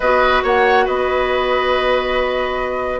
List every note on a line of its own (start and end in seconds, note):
0.00 0.42 B3
0.00 3.00 F#4
0.00 0.43 B4
0.00 0.42 D#5
0.43 0.87 A#3
0.43 0.85 C#5
0.43 0.87 F#5
0.85 3.00 B3
0.85 2.99 B4
0.85 3.00 D#5